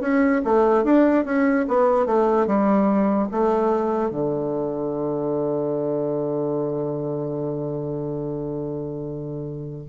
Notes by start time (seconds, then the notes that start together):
0.00 C#4
0.44 A3
0.84 D4
1.25 C#4
1.68 B3
2.06 A3
2.46 G3
3.31 A3
4.10 D3